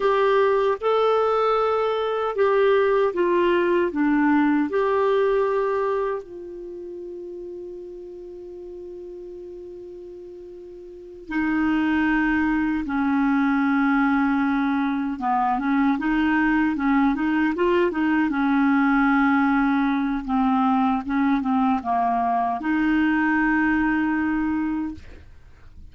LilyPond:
\new Staff \with { instrumentName = "clarinet" } { \time 4/4 \tempo 4 = 77 g'4 a'2 g'4 | f'4 d'4 g'2 | f'1~ | f'2~ f'8 dis'4.~ |
dis'8 cis'2. b8 | cis'8 dis'4 cis'8 dis'8 f'8 dis'8 cis'8~ | cis'2 c'4 cis'8 c'8 | ais4 dis'2. | }